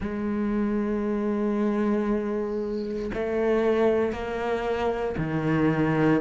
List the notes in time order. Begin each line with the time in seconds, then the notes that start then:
0.00 G#3
3.14 A3
4.12 A#3
5.17 D#3